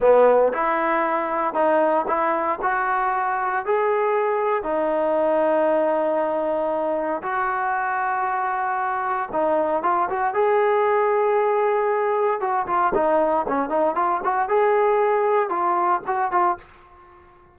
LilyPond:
\new Staff \with { instrumentName = "trombone" } { \time 4/4 \tempo 4 = 116 b4 e'2 dis'4 | e'4 fis'2 gis'4~ | gis'4 dis'2.~ | dis'2 fis'2~ |
fis'2 dis'4 f'8 fis'8 | gis'1 | fis'8 f'8 dis'4 cis'8 dis'8 f'8 fis'8 | gis'2 f'4 fis'8 f'8 | }